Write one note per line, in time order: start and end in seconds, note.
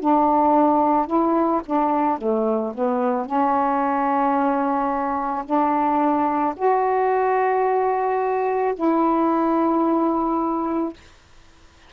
0.00 1.07 D4
1.07 1.61 E4
1.66 2.18 D4
2.18 2.73 A3
2.74 3.26 B3
3.26 5.44 C#4
5.45 6.55 D4
6.56 8.74 F#4
8.75 10.93 E4